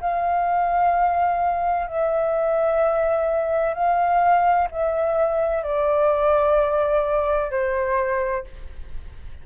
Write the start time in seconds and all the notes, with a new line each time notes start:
0.00 F5
1.87 E5
3.74 F5
4.71 E5
5.63 D5
7.50 C5